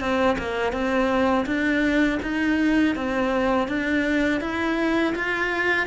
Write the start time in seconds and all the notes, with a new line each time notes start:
0.00 C4
0.38 A#3
0.73 C4
1.46 D4
2.22 D#4
2.95 C4
3.68 D4
4.41 E4
5.15 F4